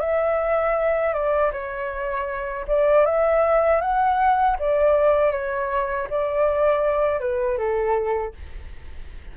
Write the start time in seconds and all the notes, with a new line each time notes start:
0.00 E5
1.14 D5
1.53 C#5
2.68 D5
3.06 E5
3.81 F#5
4.59 D5
5.32 C#5
6.10 D5
7.20 B4
7.58 A4